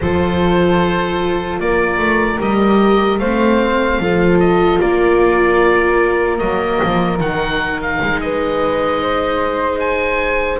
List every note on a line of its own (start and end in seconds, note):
0.01 1.59 F3
0.01 2.39 F4
0.01 1.61 A4
0.01 1.60 C5
1.59 1.98 A#3
1.59 3.20 A#4
1.59 2.40 D5
1.98 2.38 A3
2.39 3.19 G3
2.39 3.19 G4
2.39 3.18 D#5
3.18 3.99 A3
3.18 4.02 C4
3.18 4.00 C5
3.18 4.38 F5
3.99 4.79 F3
3.99 6.39 F4
3.99 4.81 A4
4.39 4.79 D#5
4.80 6.40 A#3
4.80 8.21 A#4
4.80 6.38 D5
6.38 6.80 F#3
6.38 7.19 A#3
6.38 7.18 D#5
6.83 7.20 F3
7.19 8.00 D#3
7.19 10.59 D#4
7.19 7.81 F#5
7.82 8.20 F5
8.02 10.60 G#3
8.20 9.02 B4
8.20 9.79 D#5
9.02 10.60 C5
9.79 10.59 G#5